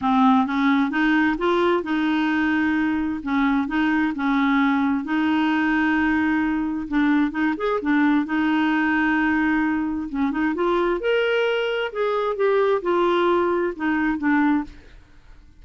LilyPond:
\new Staff \with { instrumentName = "clarinet" } { \time 4/4 \tempo 4 = 131 c'4 cis'4 dis'4 f'4 | dis'2. cis'4 | dis'4 cis'2 dis'4~ | dis'2. d'4 |
dis'8 gis'8 d'4 dis'2~ | dis'2 cis'8 dis'8 f'4 | ais'2 gis'4 g'4 | f'2 dis'4 d'4 | }